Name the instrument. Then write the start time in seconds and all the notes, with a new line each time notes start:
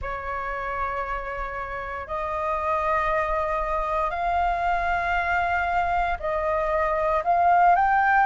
flute
0.01 C#5
2.07 D#5
4.10 F5
6.19 D#5
7.24 F5
7.75 G5